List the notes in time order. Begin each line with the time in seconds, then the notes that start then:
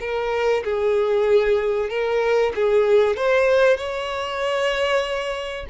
0.00 A#4
0.64 G#4
1.89 A#4
2.55 G#4
3.17 C5
3.77 C#5